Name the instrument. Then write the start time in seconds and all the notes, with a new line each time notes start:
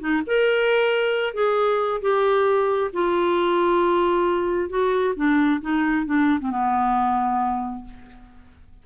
clarinet
0.00 D#4
0.27 A#4
1.34 G#4
2.02 G4
2.93 F4
4.70 F#4
5.16 D4
5.62 D#4
6.06 D4
6.40 C4
6.51 B3